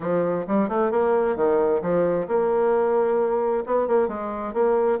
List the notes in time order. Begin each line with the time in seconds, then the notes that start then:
0.00 F3
0.47 G3
0.68 A3
0.91 A#3
1.36 D#3
1.81 F3
2.27 A#3
3.65 B3
3.87 A#3
4.08 G#3
4.53 A#3